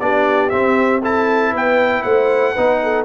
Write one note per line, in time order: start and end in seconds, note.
0.00 0.51 B3
0.00 0.51 D4
0.00 1.03 G4
0.00 0.49 D5
0.49 1.02 C4
0.49 1.53 C4
0.49 1.00 E5
1.03 2.56 E4
1.03 1.52 A4
1.03 1.55 A5
1.52 2.04 B3
1.52 2.03 B4
1.52 2.03 G5
2.03 2.55 A3
2.03 2.54 C5
2.03 3.04 F#5
2.54 3.05 B3
2.54 3.05 D#4
2.54 2.79 B4
2.83 3.05 A4